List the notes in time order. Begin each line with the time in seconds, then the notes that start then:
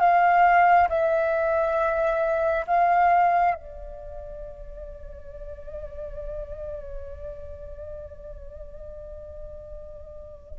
0.00 F5
0.89 E5
2.67 F5
3.55 D5